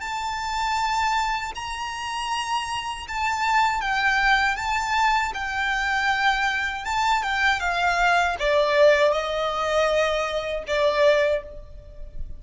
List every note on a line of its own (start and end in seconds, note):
0.00 1.52 A5
1.55 3.07 A#5
3.08 3.81 A5
3.81 4.56 G5
4.56 5.32 A5
5.34 6.85 G5
6.85 7.23 A5
7.23 7.60 G5
7.60 8.36 F5
8.39 9.12 D5
9.12 10.64 D#5
10.67 11.43 D5